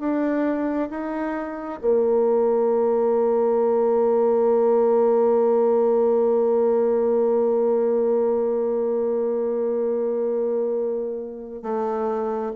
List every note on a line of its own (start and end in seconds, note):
0.00 0.90 D4
0.90 1.80 D#4
1.82 11.63 A#3
11.63 12.53 A3